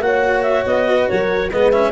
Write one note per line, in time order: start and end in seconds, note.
0.00 0.63 A#3
0.00 1.49 F#4
0.00 0.88 C#5
0.00 0.43 F#5
0.43 0.64 E5
0.66 1.08 B3
0.66 1.08 D#5
0.88 1.09 B4
1.08 1.53 F#3
1.08 1.48 A#4
1.08 1.51 C#5
1.48 1.92 G#3
1.48 1.72 B3
1.48 1.91 B4
1.48 1.71 D#5
1.71 1.92 C#4
1.71 1.92 E5